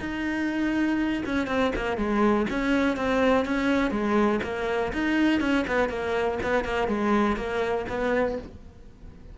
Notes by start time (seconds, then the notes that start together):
0.00 D#4
1.25 C#4
1.47 C4
1.75 A#3
1.97 G#3
2.50 C#4
2.96 C4
3.45 C#4
3.91 G#3
4.43 A#3
4.93 D#4
5.41 C#4
5.67 B3
5.89 A#3
6.43 B3
6.64 A#3
6.87 G#3
7.36 A#3
7.89 B3